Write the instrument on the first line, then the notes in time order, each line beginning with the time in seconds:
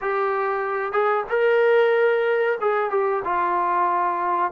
trombone
0.01 G4
0.92 G#4
1.29 A#4
2.60 G#4
2.90 G4
3.24 F4